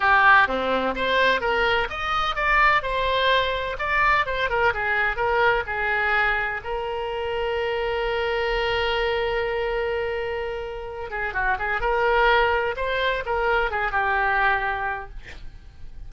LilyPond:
\new Staff \with { instrumentName = "oboe" } { \time 4/4 \tempo 4 = 127 g'4 c'4 c''4 ais'4 | dis''4 d''4 c''2 | d''4 c''8 ais'8 gis'4 ais'4 | gis'2 ais'2~ |
ais'1~ | ais'2.~ ais'8 gis'8 | fis'8 gis'8 ais'2 c''4 | ais'4 gis'8 g'2~ g'8 | }